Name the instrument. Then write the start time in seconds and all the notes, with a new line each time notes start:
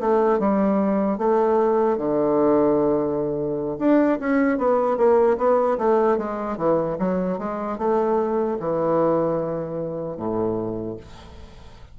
bassoon
0.00 A3
0.39 G3
1.18 A3
1.97 D3
3.79 D4
4.20 C#4
4.58 B3
4.97 A#3
5.38 B3
5.78 A3
6.17 G#3
6.57 E3
6.99 F#3
7.39 G#3
7.78 A3
8.60 E3
10.17 A2